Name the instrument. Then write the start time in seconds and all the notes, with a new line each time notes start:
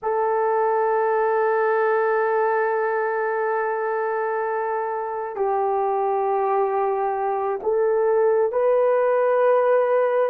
horn
0.02 A4
5.36 G4
7.62 A4
8.52 B4